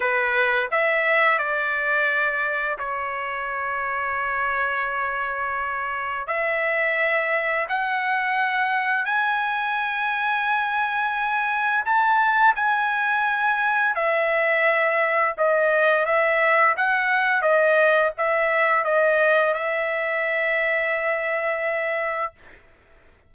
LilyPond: \new Staff \with { instrumentName = "trumpet" } { \time 4/4 \tempo 4 = 86 b'4 e''4 d''2 | cis''1~ | cis''4 e''2 fis''4~ | fis''4 gis''2.~ |
gis''4 a''4 gis''2 | e''2 dis''4 e''4 | fis''4 dis''4 e''4 dis''4 | e''1 | }